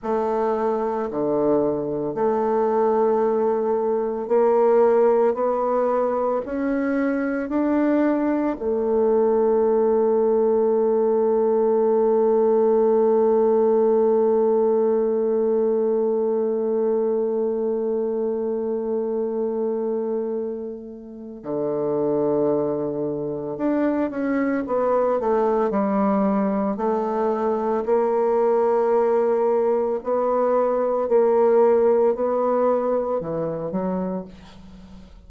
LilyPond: \new Staff \with { instrumentName = "bassoon" } { \time 4/4 \tempo 4 = 56 a4 d4 a2 | ais4 b4 cis'4 d'4 | a1~ | a1~ |
a1 | d2 d'8 cis'8 b8 a8 | g4 a4 ais2 | b4 ais4 b4 e8 fis8 | }